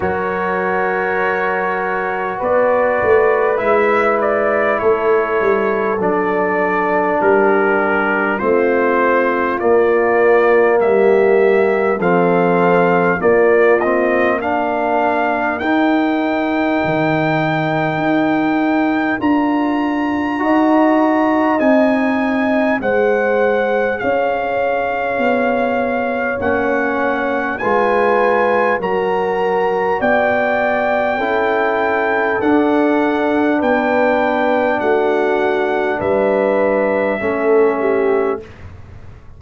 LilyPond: <<
  \new Staff \with { instrumentName = "trumpet" } { \time 4/4 \tempo 4 = 50 cis''2 d''4 e''8 d''8 | cis''4 d''4 ais'4 c''4 | d''4 e''4 f''4 d''8 dis''8 | f''4 g''2. |
ais''2 gis''4 fis''4 | f''2 fis''4 gis''4 | ais''4 g''2 fis''4 | g''4 fis''4 e''2 | }
  \new Staff \with { instrumentName = "horn" } { \time 4/4 ais'2 b'2 | a'2 g'4 f'4~ | f'4 g'4 a'4 f'4 | ais'1~ |
ais'4 dis''2 c''4 | cis''2. b'4 | ais'4 d''4 a'2 | b'4 fis'4 b'4 a'8 g'8 | }
  \new Staff \with { instrumentName = "trombone" } { \time 4/4 fis'2. e'4~ | e'4 d'2 c'4 | ais2 c'4 ais8 c'8 | d'4 dis'2. |
f'4 fis'4 dis'4 gis'4~ | gis'2 cis'4 f'4 | fis'2 e'4 d'4~ | d'2. cis'4 | }
  \new Staff \with { instrumentName = "tuba" } { \time 4/4 fis2 b8 a8 gis4 | a8 g8 fis4 g4 a4 | ais4 g4 f4 ais4~ | ais4 dis'4 dis4 dis'4 |
d'4 dis'4 c'4 gis4 | cis'4 b4 ais4 gis4 | fis4 b4 cis'4 d'4 | b4 a4 g4 a4 | }
>>